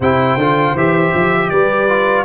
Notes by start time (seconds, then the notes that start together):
0.00 C3 E4 C5 G5
0.36 D3 F4
0.74 E3 G4 E5
1.14 F3
1.49 G3 B4 D5
1.88 F4